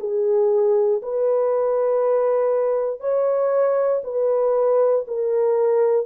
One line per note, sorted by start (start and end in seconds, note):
0.00 1.02 G#4
1.03 3.00 B4
3.00 4.02 C#5
4.04 5.06 B4
5.08 6.06 A#4